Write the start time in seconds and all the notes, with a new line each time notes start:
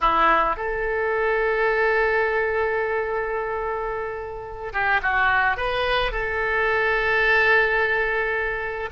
0.01 E4
0.56 A4
4.72 G4
5.02 F#4
5.56 B4
6.11 A4